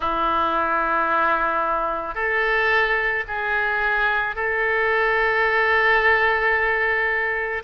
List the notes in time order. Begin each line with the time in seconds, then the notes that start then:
0.00 E4
2.14 A4
3.27 G#4
4.35 A4